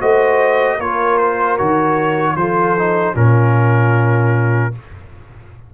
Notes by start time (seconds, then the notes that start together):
0.00 A3 F#4 C5 D#5
0.76 A#3 F4 A#4 C#5
1.18 C5
1.58 D#3 F#4 C#5
2.35 F3 F4 A4 C5
2.78 D#4
3.15 A#2 C#4 F4 A#4